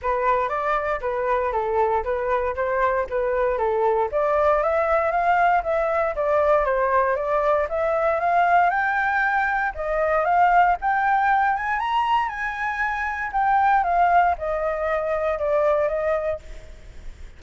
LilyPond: \new Staff \with { instrumentName = "flute" } { \time 4/4 \tempo 4 = 117 b'4 d''4 b'4 a'4 | b'4 c''4 b'4 a'4 | d''4 e''4 f''4 e''4 | d''4 c''4 d''4 e''4 |
f''4 g''2 dis''4 | f''4 g''4. gis''8 ais''4 | gis''2 g''4 f''4 | dis''2 d''4 dis''4 | }